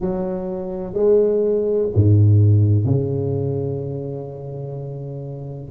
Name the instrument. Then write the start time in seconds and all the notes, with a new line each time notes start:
tuba
0.00 F#3
0.93 G#3
1.94 G#2
2.85 C#3